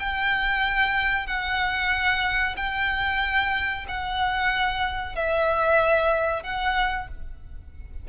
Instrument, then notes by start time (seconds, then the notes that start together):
violin
0.00 G5
1.27 F#5
2.57 G5
3.89 F#5
5.16 E5
6.43 F#5